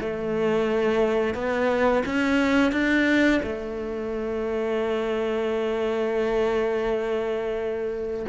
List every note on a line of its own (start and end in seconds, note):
0.00 1.34 A3
1.34 2.03 B3
2.05 2.71 C#4
2.71 3.40 D4
3.42 8.25 A3